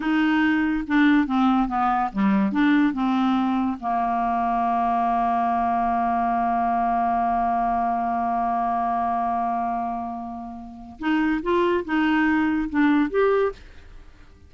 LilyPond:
\new Staff \with { instrumentName = "clarinet" } { \time 4/4 \tempo 4 = 142 dis'2 d'4 c'4 | b4 g4 d'4 c'4~ | c'4 ais2.~ | ais1~ |
ais1~ | ais1~ | ais2 dis'4 f'4 | dis'2 d'4 g'4 | }